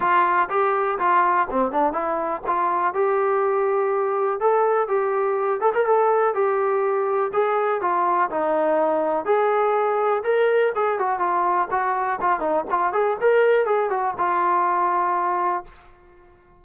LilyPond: \new Staff \with { instrumentName = "trombone" } { \time 4/4 \tempo 4 = 123 f'4 g'4 f'4 c'8 d'8 | e'4 f'4 g'2~ | g'4 a'4 g'4. a'16 ais'16 | a'4 g'2 gis'4 |
f'4 dis'2 gis'4~ | gis'4 ais'4 gis'8 fis'8 f'4 | fis'4 f'8 dis'8 f'8 gis'8 ais'4 | gis'8 fis'8 f'2. | }